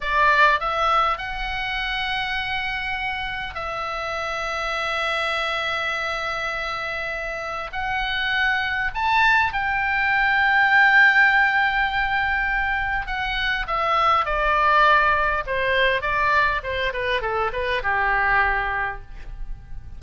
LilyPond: \new Staff \with { instrumentName = "oboe" } { \time 4/4 \tempo 4 = 101 d''4 e''4 fis''2~ | fis''2 e''2~ | e''1~ | e''4 fis''2 a''4 |
g''1~ | g''2 fis''4 e''4 | d''2 c''4 d''4 | c''8 b'8 a'8 b'8 g'2 | }